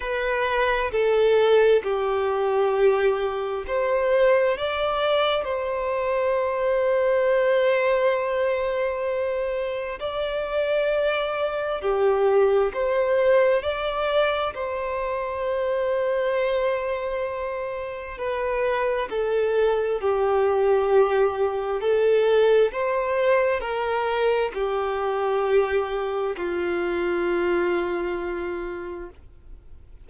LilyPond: \new Staff \with { instrumentName = "violin" } { \time 4/4 \tempo 4 = 66 b'4 a'4 g'2 | c''4 d''4 c''2~ | c''2. d''4~ | d''4 g'4 c''4 d''4 |
c''1 | b'4 a'4 g'2 | a'4 c''4 ais'4 g'4~ | g'4 f'2. | }